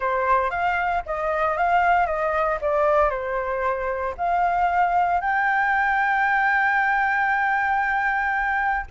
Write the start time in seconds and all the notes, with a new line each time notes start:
0.00 C5
0.50 F5
1.06 D#5
1.57 F5
2.06 D#5
2.61 D5
3.10 C5
4.17 F5
5.20 G5